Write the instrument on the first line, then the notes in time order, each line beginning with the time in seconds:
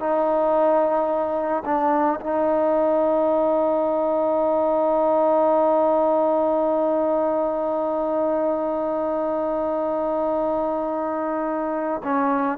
trombone
0.00 D#4
1.66 D4
2.21 D#4
12.04 C#4